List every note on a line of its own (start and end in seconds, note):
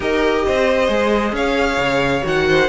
0.00 0.43 D#4
0.00 0.88 G4
0.00 0.45 A#4
0.00 1.35 D#5
0.46 0.88 C4
0.46 1.35 C5
0.88 1.32 G#3
0.88 2.22 G#4
1.32 1.77 C#4
1.32 2.47 C#5
1.32 2.25 F5
1.78 2.22 C#3
2.22 2.68 D#3
2.22 2.67 F#4
2.22 2.68 F#5
2.48 2.68 C5